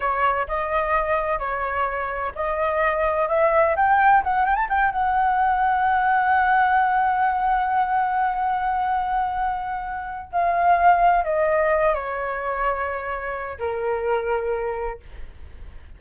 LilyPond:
\new Staff \with { instrumentName = "flute" } { \time 4/4 \tempo 4 = 128 cis''4 dis''2 cis''4~ | cis''4 dis''2 e''4 | g''4 fis''8 g''16 a''16 g''8 fis''4.~ | fis''1~ |
fis''1~ | fis''2 f''2 | dis''4. cis''2~ cis''8~ | cis''4 ais'2. | }